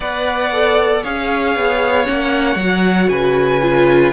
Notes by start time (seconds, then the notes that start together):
0.00 B3 B4 D5 F#5
0.52 A4
1.03 C#4 G#4 C#5 F5
1.55 B3
2.05 A#3 C#4 F#5
2.55 F#3 F#4
3.09 C#3 B4 G#5
3.61 F4